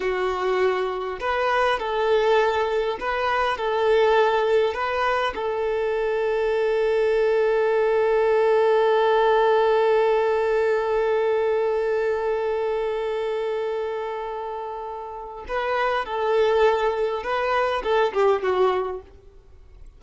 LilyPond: \new Staff \with { instrumentName = "violin" } { \time 4/4 \tempo 4 = 101 fis'2 b'4 a'4~ | a'4 b'4 a'2 | b'4 a'2.~ | a'1~ |
a'1~ | a'1~ | a'2 b'4 a'4~ | a'4 b'4 a'8 g'8 fis'4 | }